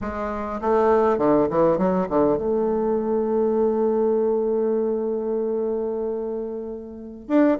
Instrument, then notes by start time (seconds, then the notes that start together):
bassoon
0.01 G#3
0.61 A3
1.17 D3
1.50 E3
1.77 F#3
2.09 D3
2.37 A3
7.28 D4